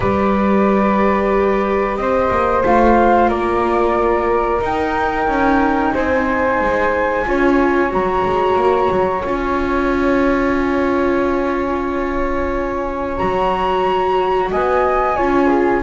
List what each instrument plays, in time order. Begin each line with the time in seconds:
0.00 double bass G3, viola G4, flute B4 D5
1.96 double bass C4, flute C5 D#5
2.30 double bass A#3
2.65 double bass A3, viola F4, flute F5
3.28 double bass A#3, flute A#4 D5
4.60 viola D#4, double bass D#4, flute G5
5.27 double bass C#4
5.93 double bass C4, flute C5 G#5
6.60 double bass G#3
7.25 double bass C#4, viola F4, flute C#5
7.89 double bass F#3, viola F#4, flute A#5
8.26 double bass G#3
8.55 double bass A#3
8.90 double bass F#3
9.22 double bass C#4, viola F4, flute G#5
13.16 double bass F#3, viola F#4, flute A#5
14.50 double bass B3, flute D#5 G#5
15.16 double bass C#4, viola F4, flute C#5
15.47 flute G#4